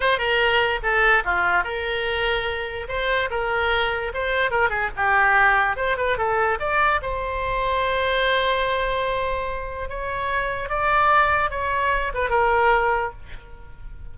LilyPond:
\new Staff \with { instrumentName = "oboe" } { \time 4/4 \tempo 4 = 146 c''8 ais'4. a'4 f'4 | ais'2. c''4 | ais'2 c''4 ais'8 gis'8 | g'2 c''8 b'8 a'4 |
d''4 c''2.~ | c''1 | cis''2 d''2 | cis''4. b'8 ais'2 | }